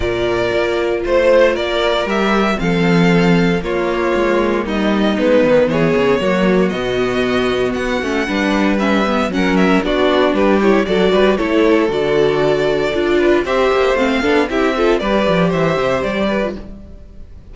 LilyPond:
<<
  \new Staff \with { instrumentName = "violin" } { \time 4/4 \tempo 4 = 116 d''2 c''4 d''4 | e''4 f''2 cis''4~ | cis''4 dis''4 b'4 cis''4~ | cis''4 dis''2 fis''4~ |
fis''4 e''4 fis''8 e''8 d''4 | b'8 cis''8 d''4 cis''4 d''4~ | d''2 e''4 f''4 | e''4 d''4 e''4 d''4 | }
  \new Staff \with { instrumentName = "violin" } { \time 4/4 ais'2 c''4 ais'4~ | ais'4 a'2 f'4~ | f'4 dis'2 gis'4 | fis'1 |
b'2 ais'4 fis'4 | g'4 a'8 b'8 a'2~ | a'4. b'8 c''4. a'8 | g'8 a'8 b'4 c''4. b'8 | }
  \new Staff \with { instrumentName = "viola" } { \time 4/4 f'1 | g'4 c'2 ais4~ | ais2 b2 | ais4 b2~ b8 cis'8 |
d'4 cis'8 b8 cis'4 d'4~ | d'8 e'8 fis'4 e'4 fis'4~ | fis'4 f'4 g'4 c'8 d'8 | e'8 f'8 g'2~ g'8. f'16 | }
  \new Staff \with { instrumentName = "cello" } { \time 4/4 ais,4 ais4 a4 ais4 | g4 f2 ais4 | gis4 g4 gis8 dis8 e8 cis8 | fis4 b,2 b8 a8 |
g2 fis4 b4 | g4 fis8 g8 a4 d4~ | d4 d'4 c'8 ais8 a8 b8 | c'4 g8 f8 e8 c8 g4 | }
>>